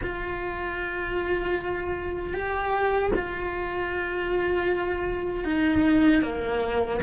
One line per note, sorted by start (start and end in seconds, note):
0.02 2.33 F4
2.33 3.11 G4
3.15 5.44 F4
5.44 6.22 D#4
6.22 7.00 A#3